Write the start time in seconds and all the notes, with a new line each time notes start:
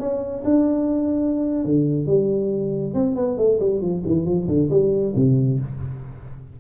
0.00 C#4
0.45 D4
1.65 D3
2.07 G3
2.95 C4
3.16 B3
3.38 A3
3.60 G3
3.82 F3
4.07 E3
4.26 F3
4.48 D3
4.71 G3
5.16 C3